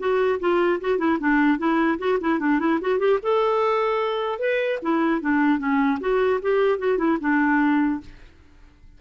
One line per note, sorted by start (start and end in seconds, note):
0.00 0.40 F#4
0.40 0.80 F4
0.81 0.99 F#4
0.99 1.19 E4
1.20 1.59 D4
1.59 1.99 E4
1.99 2.19 F#4
2.21 2.40 E4
2.40 2.60 D4
2.60 2.80 E4
2.81 2.99 F#4
2.99 3.19 G4
3.23 4.39 A4
4.39 4.79 B4
4.83 5.21 E4
5.21 5.59 D4
5.59 5.99 C#4
6.01 6.41 F#4
6.42 6.79 G4
6.79 6.98 F#4
6.98 7.18 E4
7.21 8.01 D4